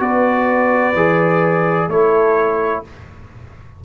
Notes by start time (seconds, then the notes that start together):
0.00 B3 F#4 B4 D5
0.95 E3 G#4
1.88 A3 E4 A4 C#5